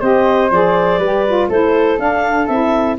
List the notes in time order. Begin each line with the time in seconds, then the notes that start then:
0.00 C4 G4 C5 D#5
0.50 F3 G#4 D5
0.98 G3 G4 B4
1.27 F4
1.49 A3 E4 A4 C5
1.98 D4 F5
2.46 C4 E4 E5